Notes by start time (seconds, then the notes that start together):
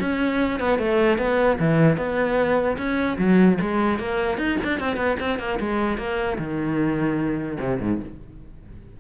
0.00 C#4
0.59 B3
0.78 A3
1.18 B3
1.59 E3
1.97 B3
2.77 C#4
3.18 F#3
3.61 G#3
3.99 A#3
4.38 D#4
4.64 D4
4.79 C4
4.96 B3
5.20 C4
5.39 A#3
5.60 G#3
5.98 A#3
6.38 D#3
7.59 C3
7.80 G#2